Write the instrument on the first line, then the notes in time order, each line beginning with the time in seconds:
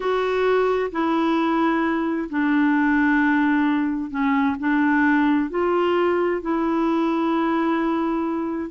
clarinet
0.00 F#4
0.91 E4
2.29 D4
4.10 C#4
4.59 D4
5.50 F4
6.41 E4